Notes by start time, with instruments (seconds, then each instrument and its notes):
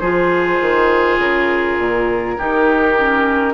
0.00 bassoon F3, clarinet F4, oboe G#4, flute C5
0.61 bassoon D#3
1.18 bassoon C#3, flute A#4
1.78 bassoon A#2
2.37 bassoon D#3, clarinet D#4, oboe G4
2.98 clarinet C#4